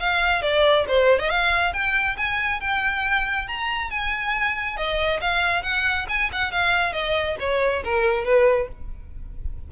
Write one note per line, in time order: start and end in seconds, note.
0.00 0.42 F5
0.42 0.86 D5
0.89 1.19 C5
1.19 1.30 D#5
1.30 1.73 F5
1.73 2.17 G5
2.17 2.61 G#5
2.61 3.48 G5
3.48 3.91 A#5
3.91 4.77 G#5
4.77 5.20 D#5
5.21 5.63 F5
5.63 6.07 F#5
6.09 6.31 G#5
6.33 6.52 F#5
6.52 6.93 F5
6.93 7.37 D#5
7.40 7.83 C#5
7.84 8.25 A#4
8.25 8.68 B4